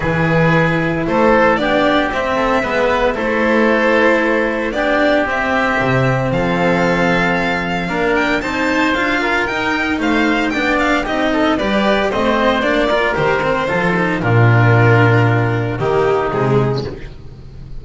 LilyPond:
<<
  \new Staff \with { instrumentName = "violin" } { \time 4/4 \tempo 4 = 114 b'2 c''4 d''4 | e''2 c''2~ | c''4 d''4 e''2 | f''2.~ f''8 g''8 |
a''4 f''4 g''4 f''4 | g''8 f''8 dis''4 d''4 dis''4 | d''4 c''2 ais'4~ | ais'2 g'4 gis'4 | }
  \new Staff \with { instrumentName = "oboe" } { \time 4/4 gis'2 a'4 g'4~ | g'8 a'8 b'4 a'2~ | a'4 g'2. | a'2. ais'4 |
c''4. ais'4. c''4 | d''4 g'8 a'8 b'4 c''4~ | c''8 ais'4. a'4 f'4~ | f'2 dis'2 | }
  \new Staff \with { instrumentName = "cello" } { \time 4/4 e'2. d'4 | c'4 b4 e'2~ | e'4 d'4 c'2~ | c'2. d'4 |
dis'4 f'4 dis'2 | d'4 dis'4 g'4 c'4 | d'8 f'8 g'8 c'8 f'8 dis'8 d'4~ | d'2 ais4 gis4 | }
  \new Staff \with { instrumentName = "double bass" } { \time 4/4 e2 a4 b4 | c'4 gis4 a2~ | a4 b4 c'4 c4 | f2. ais4 |
c'4 d'4 dis'4 a4 | b4 c'4 g4 a4 | ais4 dis4 f4 ais,4~ | ais,2 dis4 c4 | }
>>